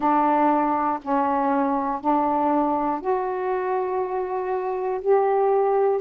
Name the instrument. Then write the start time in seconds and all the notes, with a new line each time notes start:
saxophone
0.00 D4
1.01 C#4
2.00 D4
3.00 F#4
5.00 G4